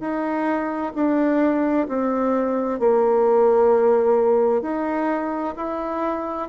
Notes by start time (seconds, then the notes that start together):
0.00 D#4
0.94 D4
1.88 C4
2.79 A#3
4.62 D#4
5.56 E4